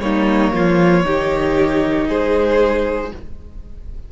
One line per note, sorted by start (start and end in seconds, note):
0.00 0.52 G3
0.00 1.05 A#3
0.00 0.54 D#4
0.00 2.07 C#5
0.53 1.05 F3
0.53 1.05 F4
1.05 2.08 D#3
1.05 3.11 D#4
1.05 2.08 G4
2.08 3.11 G#3
2.08 3.11 G#4
2.08 3.12 C5